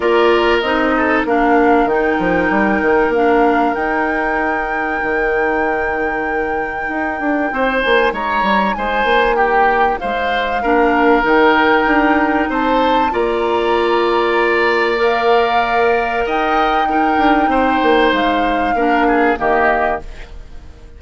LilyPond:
<<
  \new Staff \with { instrumentName = "flute" } { \time 4/4 \tempo 4 = 96 d''4 dis''4 f''4 g''4~ | g''4 f''4 g''2~ | g''1~ | g''8 gis''8 ais''4 gis''4 g''4 |
f''2 g''2 | a''4 ais''2. | f''2 g''2~ | g''4 f''2 dis''4 | }
  \new Staff \with { instrumentName = "oboe" } { \time 4/4 ais'4. a'8 ais'2~ | ais'1~ | ais'1 | c''4 cis''4 c''4 g'4 |
c''4 ais'2. | c''4 d''2.~ | d''2 dis''4 ais'4 | c''2 ais'8 gis'8 g'4 | }
  \new Staff \with { instrumentName = "clarinet" } { \time 4/4 f'4 dis'4 d'4 dis'4~ | dis'4 d'4 dis'2~ | dis'1~ | dis'1~ |
dis'4 d'4 dis'2~ | dis'4 f'2. | ais'2. dis'4~ | dis'2 d'4 ais4 | }
  \new Staff \with { instrumentName = "bassoon" } { \time 4/4 ais4 c'4 ais4 dis8 f8 | g8 dis8 ais4 dis'2 | dis2. dis'8 d'8 | c'8 ais8 gis8 g8 gis8 ais4. |
gis4 ais4 dis4 d'4 | c'4 ais2.~ | ais2 dis'4. d'8 | c'8 ais8 gis4 ais4 dis4 | }
>>